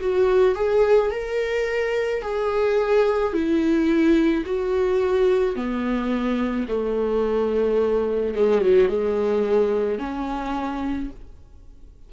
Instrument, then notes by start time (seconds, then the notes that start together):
viola
0.00 F#4
0.55 G#4
1.11 A#4
2.22 G#4
3.33 E4
4.45 F#4
5.55 B3
6.68 A3
8.34 G#3
8.61 F#3
8.88 G#3
9.98 C#4